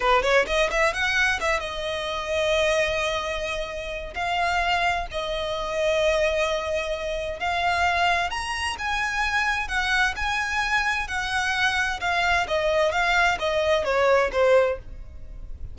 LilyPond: \new Staff \with { instrumentName = "violin" } { \time 4/4 \tempo 4 = 130 b'8 cis''8 dis''8 e''8 fis''4 e''8 dis''8~ | dis''1~ | dis''4 f''2 dis''4~ | dis''1 |
f''2 ais''4 gis''4~ | gis''4 fis''4 gis''2 | fis''2 f''4 dis''4 | f''4 dis''4 cis''4 c''4 | }